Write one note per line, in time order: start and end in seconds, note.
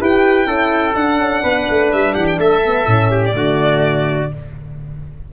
0.00 0.47 E4
0.00 0.47 G4
0.00 0.46 B4
0.00 0.95 G5
0.46 0.95 C#4
0.46 0.95 E4
0.46 1.42 A4
0.95 1.19 D4
0.95 2.65 D4
0.95 1.91 F#5
1.19 1.43 C#4
1.43 1.67 B3
1.43 2.13 B4
1.69 1.93 A3
1.92 2.15 G3
1.92 2.14 E5
2.13 2.38 E3
2.13 2.37 G4
2.13 2.26 F#5
2.27 2.39 G5
2.38 2.86 A3
2.38 3.11 A4
2.38 3.24 E5
2.65 2.85 B3
2.85 3.34 A2
2.85 3.31 C#4
3.11 3.35 G4
3.25 4.33 D5
3.31 4.30 D3
3.31 4.27 A3
3.31 4.32 F#4